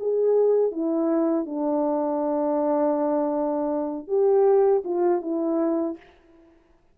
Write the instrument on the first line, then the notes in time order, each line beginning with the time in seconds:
horn
0.00 G#4
0.72 E4
1.46 D4
4.08 G4
4.85 F4
5.22 E4